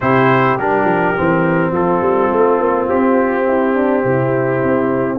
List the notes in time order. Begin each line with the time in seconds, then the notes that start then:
0.00 C3 E4 G4 C5
0.58 G3 D4 A#4
0.84 F3
1.16 E3 C4
1.71 F3 F4 A4
2.01 G3
2.31 A3
2.59 A#3
2.88 C4 G4
3.47 E4
3.74 D4
4.04 C3 E4
4.62 C4